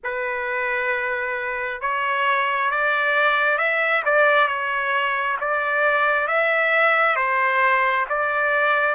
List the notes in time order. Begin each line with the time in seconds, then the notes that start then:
0.03 B4
1.81 C#5
2.70 D5
3.57 E5
4.05 D5
4.47 C#5
5.40 D5
6.27 E5
7.16 C5
8.09 D5